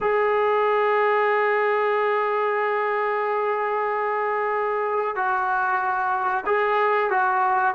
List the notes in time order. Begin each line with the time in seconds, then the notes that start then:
0.00 G#4
5.15 F#4
6.45 G#4
7.10 F#4